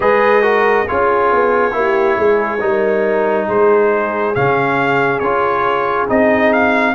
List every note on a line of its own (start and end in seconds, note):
0.00 0.84 G#3
0.00 0.42 G#4
0.00 0.42 B4
0.00 0.87 D#5
0.42 0.85 F#4
0.42 0.85 A#4
0.87 1.32 C#4
0.87 1.71 F4
0.87 1.75 G#4
0.87 3.48 C#5
1.32 1.73 B3
1.71 2.16 A#3
1.71 2.58 E4
1.71 2.18 G4
2.18 2.61 G#3
2.18 2.61 G#4
2.60 3.48 G3
2.60 4.34 D#4
2.60 3.47 A#4
3.47 4.36 G#3
3.47 6.94 G#4
3.47 4.34 C5
4.34 5.20 C#3
4.34 5.21 C#4
4.34 5.19 F5
5.19 6.07 C#4
5.19 6.08 F4
5.19 6.06 C#5
6.08 6.94 C4
6.08 6.94 D#4
6.08 6.53 D#5
6.53 6.94 F5